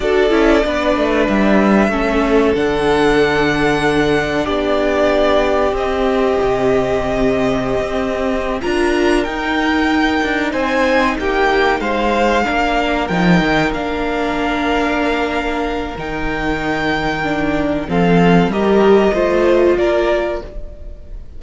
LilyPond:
<<
  \new Staff \with { instrumentName = "violin" } { \time 4/4 \tempo 4 = 94 d''2 e''2 | fis''2. d''4~ | d''4 dis''2.~ | dis''4. ais''4 g''4.~ |
g''8 gis''4 g''4 f''4.~ | f''8 g''4 f''2~ f''8~ | f''4 g''2. | f''4 dis''2 d''4 | }
  \new Staff \with { instrumentName = "violin" } { \time 4/4 a'4 b'2 a'4~ | a'2. g'4~ | g'1~ | g'4. ais'2~ ais'8~ |
ais'8 c''4 g'4 c''4 ais'8~ | ais'1~ | ais'1 | a'4 ais'4 c''4 ais'4 | }
  \new Staff \with { instrumentName = "viola" } { \time 4/4 fis'8 e'8 d'2 cis'4 | d'1~ | d'4 c'2.~ | c'4. f'4 dis'4.~ |
dis'2.~ dis'8 d'8~ | d'8 dis'4 d'2~ d'8~ | d'4 dis'2 d'4 | c'4 g'4 f'2 | }
  \new Staff \with { instrumentName = "cello" } { \time 4/4 d'8 cis'8 b8 a8 g4 a4 | d2. b4~ | b4 c'4 c2~ | c16 c'4~ c'16 d'4 dis'4. |
d'8 c'4 ais4 gis4 ais8~ | ais8 f8 dis8 ais2~ ais8~ | ais4 dis2. | f4 g4 a4 ais4 | }
>>